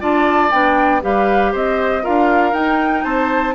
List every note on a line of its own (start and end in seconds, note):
0.00 0.52 D4
0.00 0.51 F4
0.00 1.03 D5
0.00 0.51 A5
0.51 1.03 B3
0.51 1.02 D4
0.51 1.02 G5
1.02 1.54 G3
1.02 2.02 G4
1.02 1.52 B4
1.02 1.55 F5
1.52 2.05 C4
1.52 2.03 C5
1.52 2.05 D#5
2.02 2.53 D4
2.02 2.53 F4
2.02 3.04 A#4
2.02 2.54 F5
2.53 3.04 D#4
2.53 3.55 D#4
2.53 3.05 G5
3.04 3.55 C4
3.04 3.55 C5
3.04 3.55 A5